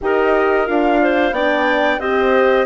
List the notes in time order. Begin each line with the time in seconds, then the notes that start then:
0.01 D#4 G4 A#4 D#5
0.66 D4 F4 F5
1.02 C5
1.31 B3 D4 D5 G5
1.99 C4 G4 C5 D#5